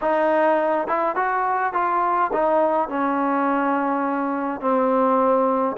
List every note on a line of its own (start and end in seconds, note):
0.01 0.87 D#4
0.87 1.15 E4
1.15 1.73 F#4
1.73 2.31 F4
2.32 2.88 D#4
2.88 4.60 C#4
4.60 5.76 C4